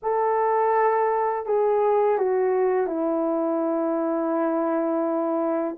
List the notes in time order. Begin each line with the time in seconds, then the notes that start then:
0.02 A4
1.46 G#4
2.18 F#4
2.87 E4